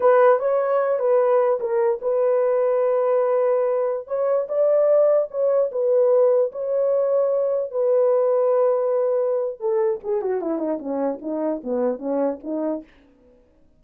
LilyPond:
\new Staff \with { instrumentName = "horn" } { \time 4/4 \tempo 4 = 150 b'4 cis''4. b'4. | ais'4 b'2.~ | b'2~ b'16 cis''4 d''8.~ | d''4~ d''16 cis''4 b'4.~ b'16~ |
b'16 cis''2. b'8.~ | b'1 | a'4 gis'8 fis'8 e'8 dis'8 cis'4 | dis'4 b4 cis'4 dis'4 | }